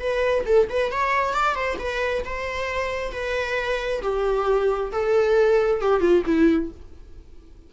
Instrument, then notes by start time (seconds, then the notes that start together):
viola
0.00 B4
0.46 A4
0.70 B4
0.92 C#5
1.34 D5
1.55 C5
1.79 B4
2.25 C5
3.12 B4
4.02 G4
4.92 A4
5.81 G4
6.00 F4
6.26 E4